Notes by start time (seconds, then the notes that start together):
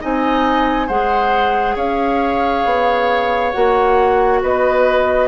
0.00 C4 D#4 D#5 G#5
0.87 G#3 G#4 C5 F#5
1.75 C#4 C#5 F5
2.65 B3
3.52 A#3 F#4 F#5
4.43 B3 B4 D#5